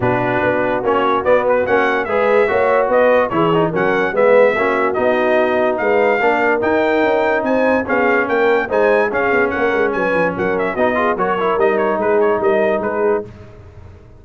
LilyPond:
<<
  \new Staff \with { instrumentName = "trumpet" } { \time 4/4 \tempo 4 = 145 b'2 cis''4 d''8 b'8 | fis''4 e''2 dis''4 | cis''4 fis''4 e''2 | dis''2 f''2 |
g''2 gis''4 f''4 | g''4 gis''4 f''4 fis''4 | gis''4 fis''8 e''8 dis''4 cis''4 | dis''8 cis''8 b'8 cis''8 dis''4 b'4 | }
  \new Staff \with { instrumentName = "horn" } { \time 4/4 fis'1~ | fis'4 b'4 cis''4 b'4 | gis'4 ais'4 b'4 fis'4~ | fis'2 b'4 ais'4~ |
ais'2 c''4 gis'4 | ais'4 c''4 gis'4 ais'4 | b'4 ais'4 fis'8 gis'8 ais'4~ | ais'4 gis'4 ais'4 gis'4 | }
  \new Staff \with { instrumentName = "trombone" } { \time 4/4 d'2 cis'4 b4 | cis'4 gis'4 fis'2 | e'8 dis'8 cis'4 b4 cis'4 | dis'2. d'4 |
dis'2. cis'4~ | cis'4 dis'4 cis'2~ | cis'2 dis'8 f'8 fis'8 e'8 | dis'1 | }
  \new Staff \with { instrumentName = "tuba" } { \time 4/4 b,4 b4 ais4 b4 | ais4 gis4 ais4 b4 | e4 fis4 gis4 ais4 | b2 gis4 ais4 |
dis'4 cis'4 c'4 b4 | ais4 gis4 cis'8 b8 ais8 gis8 | fis8 f8 fis4 b4 fis4 | g4 gis4 g4 gis4 | }
>>